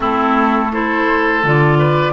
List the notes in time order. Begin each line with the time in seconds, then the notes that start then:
0.00 A3 C4 E4 A4
0.72 E4 A4 C5
1.43 D3 F4 D5
1.78 B4